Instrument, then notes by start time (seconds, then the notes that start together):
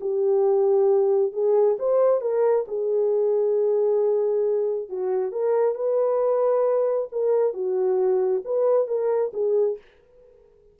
horn
0.00 G4
1.32 G#4
1.79 C5
2.20 A#4
2.67 G#4
4.88 F#4
5.31 A#4
5.74 B4
7.11 A#4
7.53 F#4
8.44 B4
8.87 A#4
9.33 G#4